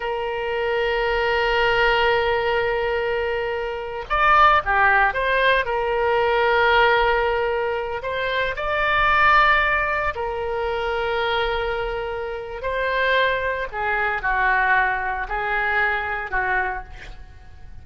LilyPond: \new Staff \with { instrumentName = "oboe" } { \time 4/4 \tempo 4 = 114 ais'1~ | ais'2.~ ais'8. d''16~ | d''8. g'4 c''4 ais'4~ ais'16~ | ais'2.~ ais'16 c''8.~ |
c''16 d''2. ais'8.~ | ais'1 | c''2 gis'4 fis'4~ | fis'4 gis'2 fis'4 | }